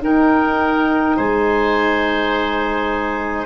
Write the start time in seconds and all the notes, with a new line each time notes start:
0.00 D#4 A#4 G5
1.17 G#3 C5 G#5